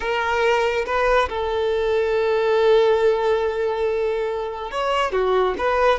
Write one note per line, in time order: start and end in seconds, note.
0.00 0.85 A#4
0.86 1.28 B4
1.29 4.71 A4
4.71 5.12 C#5
5.12 5.54 F#4
5.58 5.99 B4